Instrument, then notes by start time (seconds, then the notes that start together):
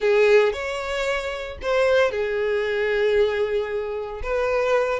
violin
0.00 G#4
0.52 C#5
1.62 C5
2.11 G#4
4.22 B4